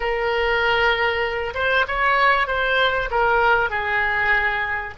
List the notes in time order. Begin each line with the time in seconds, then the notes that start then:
0.00 A#4
1.54 C5
1.87 C#5
2.47 C5
3.10 A#4
3.70 G#4